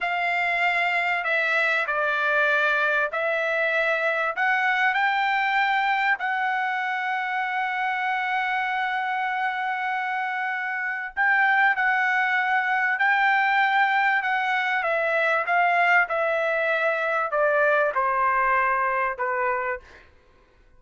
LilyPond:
\new Staff \with { instrumentName = "trumpet" } { \time 4/4 \tempo 4 = 97 f''2 e''4 d''4~ | d''4 e''2 fis''4 | g''2 fis''2~ | fis''1~ |
fis''2 g''4 fis''4~ | fis''4 g''2 fis''4 | e''4 f''4 e''2 | d''4 c''2 b'4 | }